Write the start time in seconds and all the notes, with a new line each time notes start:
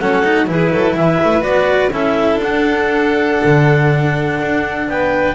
0.00 F#3 C#4 A4 F#5
0.24 D#4
0.47 E3 E4 G#4 B4
0.73 F#3 A4
0.95 E3 B4 E5
1.24 A3
1.42 B3 F#4 D5
1.92 C#4 E4 A4 E5
2.36 D4
2.42 D4 F#5
3.45 D3
4.41 D4
4.88 B3 B4 G5